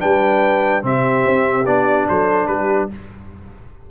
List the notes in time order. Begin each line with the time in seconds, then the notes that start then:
0.00 G3 D4 B4 G5
0.82 C3 C4 G4 E5
1.26 C4
1.66 B3 D4 D5
2.09 F#3 A4 C5
2.47 G3 G4 B4